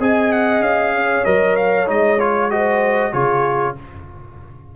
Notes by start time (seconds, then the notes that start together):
0.00 C4 G#4 D#5 G#5
0.33 F#5
0.61 C#4 F5
0.95 C#5
1.25 F#3 A#4 D#5
1.57 F5
1.87 G#3 D#4 D#5
2.20 F4 C#5
2.51 F#4 C5 D#5
3.12 C#3 F4 G#4 C#5